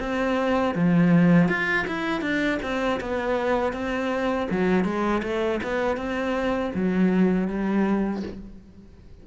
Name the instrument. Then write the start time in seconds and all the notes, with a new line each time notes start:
cello
0.00 C4
0.75 F3
1.49 F4
1.88 E4
2.22 D4
2.62 C4
3.01 B3
3.73 C4
4.51 F#3
4.85 G#3
5.23 A3
5.64 B3
5.97 C4
6.75 F#3
7.48 G3